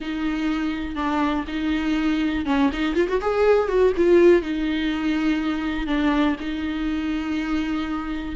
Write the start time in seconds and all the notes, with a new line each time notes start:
0.00 D#4
0.95 D4
1.47 D#4
2.45 C#4
2.72 D#4
2.95 F4
3.08 F#4
3.21 G#4
3.68 F#4
3.96 F4
4.42 D#4
5.86 D4
6.40 D#4